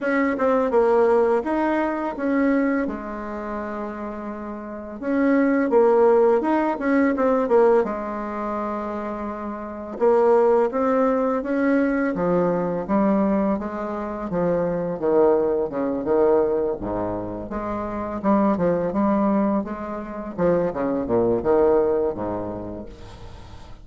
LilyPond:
\new Staff \with { instrumentName = "bassoon" } { \time 4/4 \tempo 4 = 84 cis'8 c'8 ais4 dis'4 cis'4 | gis2. cis'4 | ais4 dis'8 cis'8 c'8 ais8 gis4~ | gis2 ais4 c'4 |
cis'4 f4 g4 gis4 | f4 dis4 cis8 dis4 gis,8~ | gis,8 gis4 g8 f8 g4 gis8~ | gis8 f8 cis8 ais,8 dis4 gis,4 | }